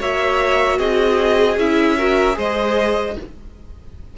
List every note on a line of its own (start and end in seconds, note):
0.00 0.79 A#3
0.00 1.58 F#4
0.00 0.78 C#5
0.00 0.79 E5
0.78 1.57 C4
0.78 1.97 G#4
0.78 1.58 D#5
1.57 2.36 C#4
1.57 1.98 E4
1.57 2.38 E5
1.98 2.33 F#4
1.98 2.37 A#4
2.33 3.17 G#3
2.33 3.12 G#4
2.33 3.16 C5
2.33 3.18 D#5